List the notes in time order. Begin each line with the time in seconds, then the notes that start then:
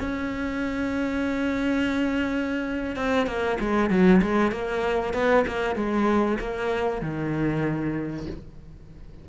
0.00 C#4
2.96 C4
3.27 A#3
3.60 G#3
3.90 F#3
4.22 G#3
4.52 A#3
5.14 B3
5.47 A#3
5.76 G#3
6.40 A#3
7.01 D#3